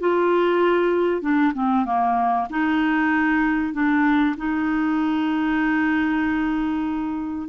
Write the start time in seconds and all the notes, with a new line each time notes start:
0.00 F4
1.22 D4
1.54 C4
1.85 A#3
2.50 D#4
3.73 D4
4.37 D#4